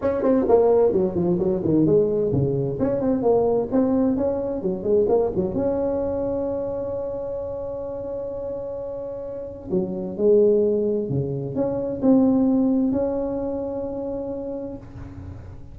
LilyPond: \new Staff \with { instrumentName = "tuba" } { \time 4/4 \tempo 4 = 130 cis'8 c'8 ais4 fis8 f8 fis8 dis8 | gis4 cis4 cis'8 c'8 ais4 | c'4 cis'4 fis8 gis8 ais8 fis8 | cis'1~ |
cis'1~ | cis'4 fis4 gis2 | cis4 cis'4 c'2 | cis'1 | }